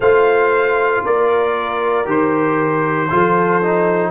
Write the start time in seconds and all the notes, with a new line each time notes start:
0.00 A3 F4 C5 F5
1.04 A#3 A#4 D5
2.05 D#3 G4 C5
3.10 F3 F4 A4
3.62 D#4